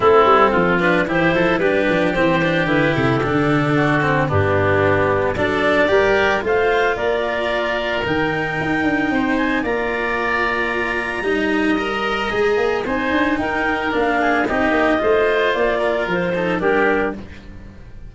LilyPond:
<<
  \new Staff \with { instrumentName = "clarinet" } { \time 4/4 \tempo 4 = 112 a'4. b'8 c''4 b'4 | c''4 b'8 a'2~ a'8 | g'2 d''2 | f''4 d''2 g''4~ |
g''4. gis''8 ais''2~ | ais''1 | gis''4 g''4 f''4 dis''4~ | dis''4 d''4 c''4 ais'4 | }
  \new Staff \with { instrumentName = "oboe" } { \time 4/4 e'4 f'4 g'8 a'8 g'4~ | g'2. fis'4 | d'2 a'4 ais'4 | c''4 ais'2.~ |
ais'4 c''4 d''2~ | d''4 dis''2. | c''4 ais'4. gis'8 g'4 | c''4. ais'4 a'8 g'4 | }
  \new Staff \with { instrumentName = "cello" } { \time 4/4 c'4. d'8 e'4 d'4 | c'8 d'8 e'4 d'4. c'8 | b2 d'4 g'4 | f'2. dis'4~ |
dis'2 f'2~ | f'4 dis'4 ais'4 gis'4 | dis'2 d'4 dis'4 | f'2~ f'8 dis'8 d'4 | }
  \new Staff \with { instrumentName = "tuba" } { \time 4/4 a8 g8 f4 e8 f8 g8 f8 | e4 d8 c8 d2 | g,2 fis4 g4 | a4 ais2 dis4 |
dis'8 d'8 c'4 ais2~ | ais4 g2 gis8 ais8 | c'8 d'8 dis'4 ais4 c'8 ais8 | a4 ais4 f4 g4 | }
>>